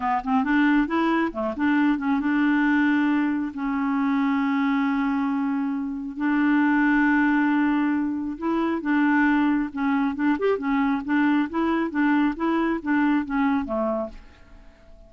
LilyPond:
\new Staff \with { instrumentName = "clarinet" } { \time 4/4 \tempo 4 = 136 b8 c'8 d'4 e'4 a8 d'8~ | d'8 cis'8 d'2. | cis'1~ | cis'2 d'2~ |
d'2. e'4 | d'2 cis'4 d'8 g'8 | cis'4 d'4 e'4 d'4 | e'4 d'4 cis'4 a4 | }